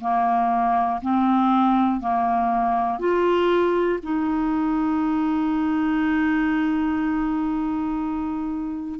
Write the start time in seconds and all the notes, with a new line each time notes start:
0.00 A#3
1.01 C4
2.00 A#3
2.99 F4
4.02 D#4